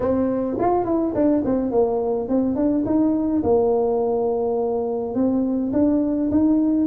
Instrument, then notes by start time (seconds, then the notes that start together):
tuba
0.00 C4
0.59 F4
0.84 E4
1.14 D4
1.44 C4
1.71 A#3
2.28 C4
2.55 D4
2.85 D#4
3.43 A#3
5.14 C4
5.72 D4
6.31 D#4